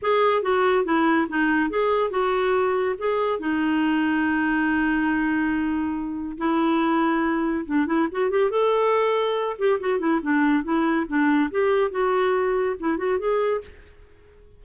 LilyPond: \new Staff \with { instrumentName = "clarinet" } { \time 4/4 \tempo 4 = 141 gis'4 fis'4 e'4 dis'4 | gis'4 fis'2 gis'4 | dis'1~ | dis'2. e'4~ |
e'2 d'8 e'8 fis'8 g'8 | a'2~ a'8 g'8 fis'8 e'8 | d'4 e'4 d'4 g'4 | fis'2 e'8 fis'8 gis'4 | }